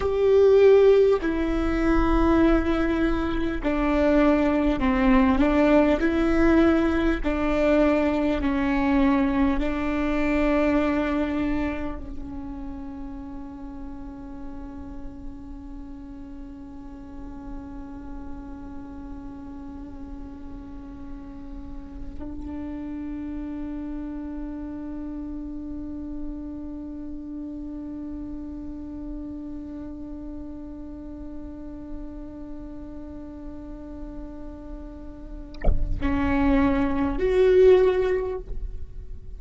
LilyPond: \new Staff \with { instrumentName = "viola" } { \time 4/4 \tempo 4 = 50 g'4 e'2 d'4 | c'8 d'8 e'4 d'4 cis'4 | d'2 cis'2~ | cis'1~ |
cis'2~ cis'8 d'4.~ | d'1~ | d'1~ | d'2 cis'4 fis'4 | }